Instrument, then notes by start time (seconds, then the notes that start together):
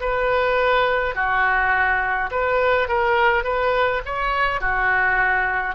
oboe
0.00 B4
1.15 F#4
2.31 B4
2.88 A#4
3.44 B4
4.05 C#5
4.60 F#4